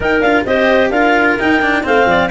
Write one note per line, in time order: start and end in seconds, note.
0.00 0.23 D#4
0.00 0.20 D#4
0.00 0.46 A#4
0.00 0.21 G5
0.20 0.43 D4
0.20 0.47 F4
0.20 0.44 F5
0.45 0.90 C4
0.45 0.93 G4
0.45 0.90 C5
0.45 0.90 D#5
0.90 1.36 D4
0.90 1.39 F4
0.90 1.83 A#4
0.90 1.37 F5
1.39 1.61 D#4
1.39 1.86 D#4
1.39 1.85 G5
1.61 1.83 D4
1.83 2.05 A3
1.83 2.29 C4
1.83 2.07 C5
1.83 2.31 F5
2.05 2.28 F3
2.05 2.31 D5